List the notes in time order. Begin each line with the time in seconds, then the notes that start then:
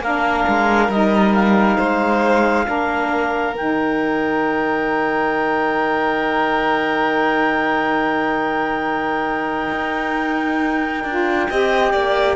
0.00 A#3 D4 A#4 F5
0.48 G#3
0.89 G3 D#4 D#5
1.35 F5
1.77 G#3 C5
2.65 A#3 D4 A#4
3.55 D#3 D#4 G5
9.72 D#4
11.04 D4 F4
11.49 C4 G4 D#5
11.92 A#3 D5